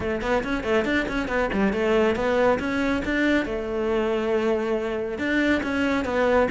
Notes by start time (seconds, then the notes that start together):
0.00 A3
0.21 B3
0.43 C#4
0.63 A3
0.84 D4
1.08 C#4
1.28 B3
1.52 G3
1.72 A3
2.15 B3
2.59 C#4
3.04 D4
3.45 A3
5.18 D4
5.63 C#4
6.05 B3